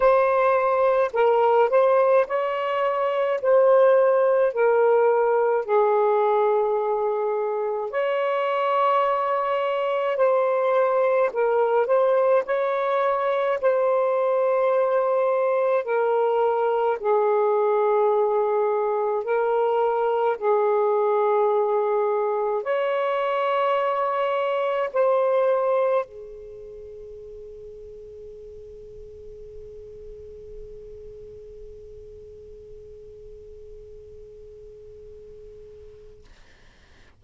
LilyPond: \new Staff \with { instrumentName = "saxophone" } { \time 4/4 \tempo 4 = 53 c''4 ais'8 c''8 cis''4 c''4 | ais'4 gis'2 cis''4~ | cis''4 c''4 ais'8 c''8 cis''4 | c''2 ais'4 gis'4~ |
gis'4 ais'4 gis'2 | cis''2 c''4 gis'4~ | gis'1~ | gis'1 | }